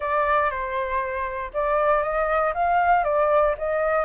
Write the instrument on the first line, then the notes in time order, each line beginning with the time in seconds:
flute
0.00 D5
0.50 C5
1.53 D5
2.02 D#5
2.53 F5
3.04 D5
3.58 D#5